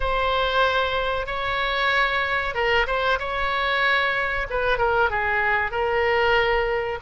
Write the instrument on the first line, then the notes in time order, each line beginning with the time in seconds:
oboe
0.00 C5
1.26 C#5
2.54 A#4
2.87 C5
3.19 C#5
4.50 B4
4.78 A#4
5.10 G#4
5.71 A#4